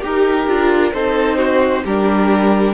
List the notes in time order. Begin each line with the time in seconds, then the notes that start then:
0.00 D#4 G4 A#4
0.47 D4 F4
0.93 C4 D#4 A4 C5
1.38 F#4
1.84 G3 D4 G4 A#4